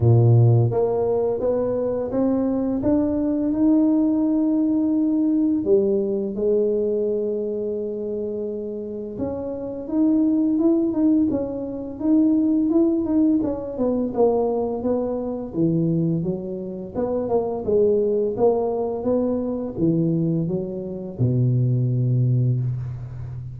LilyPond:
\new Staff \with { instrumentName = "tuba" } { \time 4/4 \tempo 4 = 85 ais,4 ais4 b4 c'4 | d'4 dis'2. | g4 gis2.~ | gis4 cis'4 dis'4 e'8 dis'8 |
cis'4 dis'4 e'8 dis'8 cis'8 b8 | ais4 b4 e4 fis4 | b8 ais8 gis4 ais4 b4 | e4 fis4 b,2 | }